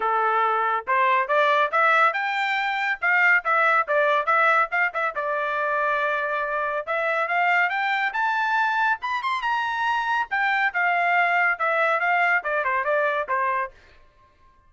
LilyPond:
\new Staff \with { instrumentName = "trumpet" } { \time 4/4 \tempo 4 = 140 a'2 c''4 d''4 | e''4 g''2 f''4 | e''4 d''4 e''4 f''8 e''8 | d''1 |
e''4 f''4 g''4 a''4~ | a''4 b''8 c'''8 ais''2 | g''4 f''2 e''4 | f''4 d''8 c''8 d''4 c''4 | }